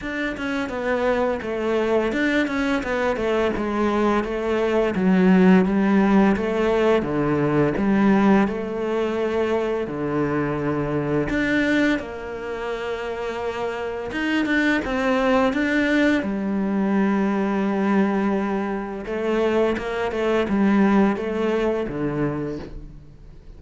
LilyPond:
\new Staff \with { instrumentName = "cello" } { \time 4/4 \tempo 4 = 85 d'8 cis'8 b4 a4 d'8 cis'8 | b8 a8 gis4 a4 fis4 | g4 a4 d4 g4 | a2 d2 |
d'4 ais2. | dis'8 d'8 c'4 d'4 g4~ | g2. a4 | ais8 a8 g4 a4 d4 | }